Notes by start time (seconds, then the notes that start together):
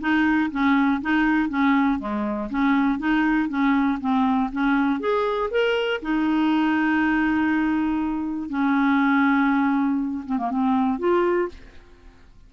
0.00 D#4
0.51 C#4
1.01 D#4
1.49 C#4
1.99 G#3
2.50 C#4
2.98 D#4
3.48 C#4
4.00 C4
4.52 C#4
5.00 G#4
5.50 A#4
6.02 D#4
8.49 C#4
10.25 C4
10.38 A#3
10.50 C4
10.98 F4